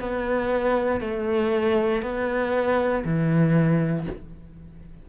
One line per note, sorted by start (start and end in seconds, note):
0.00 1.01 B3
1.01 2.02 A3
2.02 3.04 B3
3.05 4.06 E3